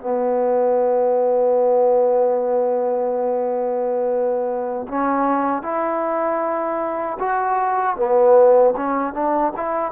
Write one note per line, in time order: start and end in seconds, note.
0.00 4.87 B3
4.88 5.62 C#4
5.62 7.18 E4
7.19 7.97 F#4
7.97 8.74 B3
8.76 9.14 C#4
9.14 9.53 D4
9.56 9.92 E4